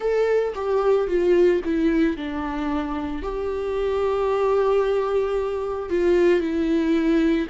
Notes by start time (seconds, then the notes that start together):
0.00 A4
0.54 G4
1.07 F4
1.64 E4
2.17 D4
3.22 G4
5.89 F4
6.40 E4